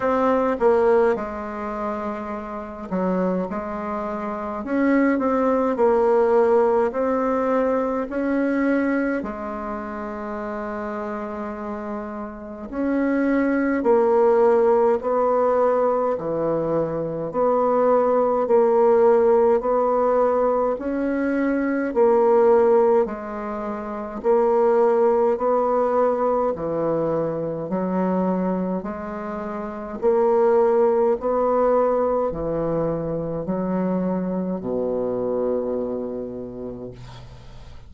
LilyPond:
\new Staff \with { instrumentName = "bassoon" } { \time 4/4 \tempo 4 = 52 c'8 ais8 gis4. fis8 gis4 | cis'8 c'8 ais4 c'4 cis'4 | gis2. cis'4 | ais4 b4 e4 b4 |
ais4 b4 cis'4 ais4 | gis4 ais4 b4 e4 | fis4 gis4 ais4 b4 | e4 fis4 b,2 | }